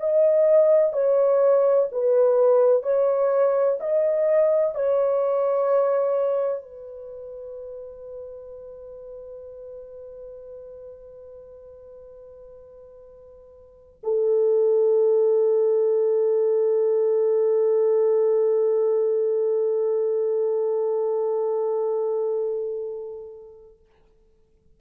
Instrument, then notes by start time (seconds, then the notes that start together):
horn
0.00 D#5
0.93 C#5
1.92 B4
2.84 C#5
3.81 D#5
4.75 C#5
6.63 B4
14.04 A4